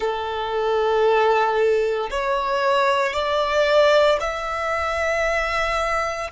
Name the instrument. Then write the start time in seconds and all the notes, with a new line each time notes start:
violin
0.00 A4
2.10 C#5
3.13 D5
4.20 E5